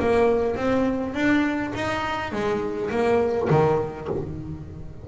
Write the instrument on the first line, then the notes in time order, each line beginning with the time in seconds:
double bass
0.00 A#3
0.56 C4
1.14 D4
1.76 D#4
2.32 G#3
2.91 A#3
3.50 D#3